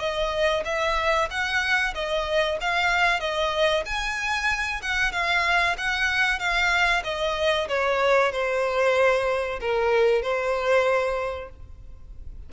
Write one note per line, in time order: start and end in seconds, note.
0.00 0.64 D#5
0.65 1.29 E5
1.31 1.94 F#5
1.95 2.59 D#5
2.61 3.20 F5
3.20 3.84 D#5
3.86 4.82 G#5
4.82 5.12 F#5
5.12 5.76 F5
5.78 6.39 F#5
6.39 7.03 F5
7.04 7.68 D#5
7.69 8.32 C#5
8.32 9.60 C5
9.61 10.22 A#4
10.22 11.50 C5